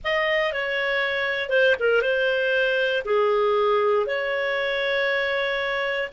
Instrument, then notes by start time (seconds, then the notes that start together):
clarinet
0.04 D#5
0.52 C#5
1.49 C5
1.79 A#4
2.01 C5
3.04 G#4
4.06 C#5